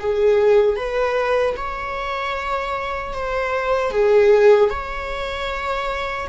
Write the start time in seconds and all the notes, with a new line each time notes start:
0.00 G#4
0.76 B4
1.56 C#5
3.13 C5
3.91 G#4
4.70 C#5